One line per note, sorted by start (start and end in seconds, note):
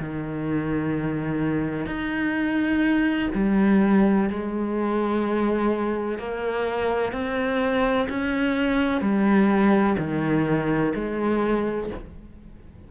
0.00 1.86 D#3
1.86 3.29 D#4
3.35 4.30 G3
4.30 6.19 G#3
6.19 7.13 A#3
7.13 8.08 C4
8.10 9.02 C#4
9.02 9.97 G3
9.98 10.94 D#3
10.95 11.90 G#3